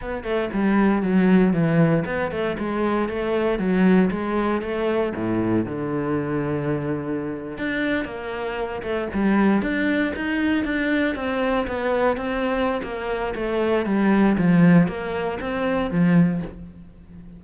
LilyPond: \new Staff \with { instrumentName = "cello" } { \time 4/4 \tempo 4 = 117 b8 a8 g4 fis4 e4 | b8 a8 gis4 a4 fis4 | gis4 a4 a,4 d4~ | d2~ d8. d'4 ais16~ |
ais4~ ais16 a8 g4 d'4 dis'16~ | dis'8. d'4 c'4 b4 c'16~ | c'4 ais4 a4 g4 | f4 ais4 c'4 f4 | }